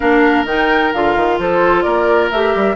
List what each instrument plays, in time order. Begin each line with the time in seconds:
0.00 bassoon A#3, clarinet D4, oboe A#4, flute F5
0.44 bassoon D#3, clarinet D#4, flute G5
0.93 bassoon D3, clarinet F4, flute F5
1.16 bassoon D#3
1.38 bassoon F3, oboe A4, flute C5
1.82 bassoon A#3, oboe A#4, flute D5
2.30 bassoon A3, clarinet G4, flute E5
2.55 bassoon G3